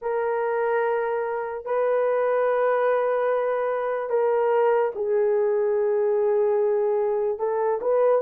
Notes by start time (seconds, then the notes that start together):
0.01 A#4
1.65 B4
4.09 A#4
4.95 G#4
7.38 A4
7.81 B4